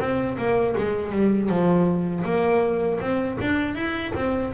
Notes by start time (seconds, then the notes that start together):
0.00 C4
0.38 A#3
0.78 G#3
1.12 G3
1.49 F3
2.25 A#3
3.01 C4
3.42 D4
3.75 E4
4.15 C4